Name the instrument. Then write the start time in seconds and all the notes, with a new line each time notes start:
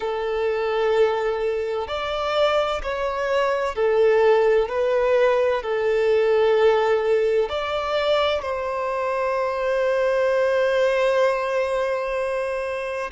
violin
0.00 A4
1.87 D5
2.83 C#5
3.75 A4
4.69 B4
5.62 A4
7.49 D5
8.42 C5